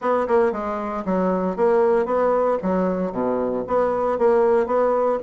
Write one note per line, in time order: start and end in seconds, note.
0.01 0.27 B3
0.27 0.51 A#3
0.51 1.04 G#3
1.05 1.56 F#3
1.56 2.05 A#3
2.05 2.57 B3
2.62 3.12 F#3
3.12 3.64 B2
3.67 4.18 B3
4.18 4.66 A#3
4.66 5.18 B3